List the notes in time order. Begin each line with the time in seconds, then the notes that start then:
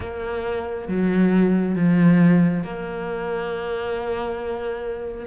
0.00 A#3
0.88 F#3
1.75 F3
2.63 A#3